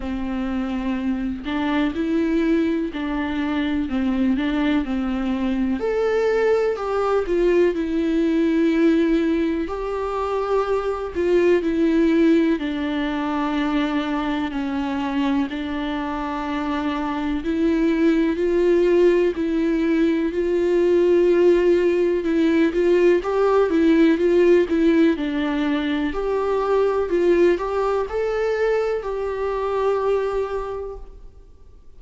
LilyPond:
\new Staff \with { instrumentName = "viola" } { \time 4/4 \tempo 4 = 62 c'4. d'8 e'4 d'4 | c'8 d'8 c'4 a'4 g'8 f'8 | e'2 g'4. f'8 | e'4 d'2 cis'4 |
d'2 e'4 f'4 | e'4 f'2 e'8 f'8 | g'8 e'8 f'8 e'8 d'4 g'4 | f'8 g'8 a'4 g'2 | }